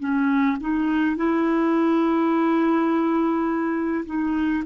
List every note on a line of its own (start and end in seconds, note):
0.00 0.58 C#4
0.61 1.17 D#4
1.17 4.05 E4
4.06 4.64 D#4